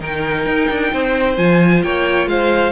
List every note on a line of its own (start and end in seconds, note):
0.00 0.46 D#3
0.00 1.36 D#4
0.00 0.92 A#4
0.00 1.37 G5
0.46 0.69 D#4
0.70 0.92 D4
0.93 1.38 C4
0.93 1.84 C5
1.37 1.83 F3
1.37 2.72 F4
1.37 1.82 G#5
1.83 2.27 A#3
1.83 2.30 C#5
1.83 2.28 G5
2.27 2.72 G#3
2.27 2.72 C5
2.27 2.72 F5